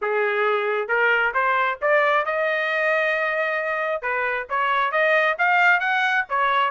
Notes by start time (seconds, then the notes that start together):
0.01 G#4
0.88 A#4
1.34 C5
1.81 D5
2.25 D#5
4.02 B4
4.49 C#5
4.91 D#5
5.38 F5
5.80 F#5
6.29 C#5